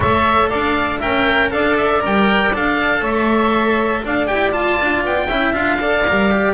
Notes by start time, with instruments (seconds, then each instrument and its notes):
0.00 double bass A3, cello A4, saxophone C#5, oboe E5
0.48 double bass D4, saxophone D5, oboe F5
0.98 double bass C#4, cello A#4, saxophone E5, oboe G5
1.51 double bass D4, cello A4, saxophone D5, oboe F5
1.77 oboe E5
2.00 double bass G3, cello A#4, oboe G5
2.53 double bass D4, cello A4, oboe F5
3.00 double bass A3, saxophone C#5, oboe E5
4.05 double bass D4, saxophone D5, oboe F5
4.26 double bass E4, cello G4, oboe G5
4.51 cello F4, double bass F4, oboe A5
4.80 double bass D4
5.04 double bass B3, oboe G5
5.27 double bass C#4, cello E4, saxophone E5
5.53 double bass D4, cello F4, oboe F5
5.79 cello A4, saxophone D5
6.07 double bass G3, cello A#4
6.30 cello G4